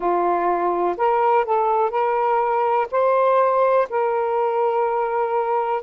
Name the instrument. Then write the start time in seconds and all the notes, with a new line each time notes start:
saxophone
0.00 F4
0.97 A#4
1.45 A4
1.90 A#4
2.91 C5
3.89 A#4